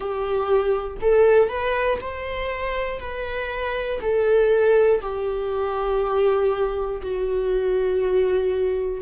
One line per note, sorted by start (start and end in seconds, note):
0.00 0.97 G4
1.00 1.49 A4
1.49 1.99 B4
2.00 3.00 C5
3.00 4.00 B4
4.01 5.01 A4
5.01 7.01 G4
7.01 9.01 F#4